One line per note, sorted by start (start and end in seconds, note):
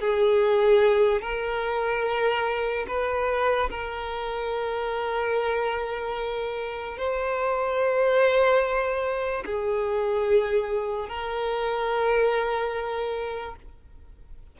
0.00 1.22 G#4
1.22 2.86 A#4
2.88 3.70 B4
3.70 6.98 A#4
6.98 9.44 C5
9.46 11.09 G#4
11.09 13.55 A#4